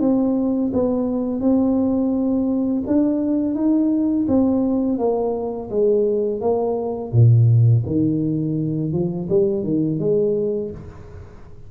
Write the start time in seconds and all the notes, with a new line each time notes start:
0.00 C4
0.73 B3
1.40 C4
2.86 D4
3.55 D#4
4.28 C4
4.98 A#3
5.70 G#3
6.41 A#3
7.12 A#2
7.86 D#3
8.92 F3
9.29 G3
9.63 D#3
9.99 G#3